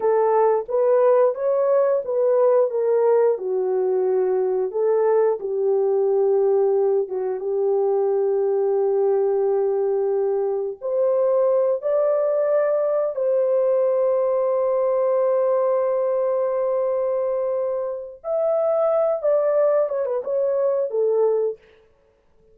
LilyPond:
\new Staff \with { instrumentName = "horn" } { \time 4/4 \tempo 4 = 89 a'4 b'4 cis''4 b'4 | ais'4 fis'2 a'4 | g'2~ g'8 fis'8 g'4~ | g'1 |
c''4. d''2 c''8~ | c''1~ | c''2. e''4~ | e''8 d''4 cis''16 b'16 cis''4 a'4 | }